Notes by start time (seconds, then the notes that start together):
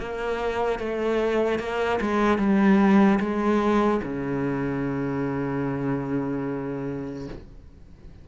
0.00 A#3
0.79 A3
1.60 A#3
2.01 G#3
2.38 G3
3.20 G#3
4.04 C#3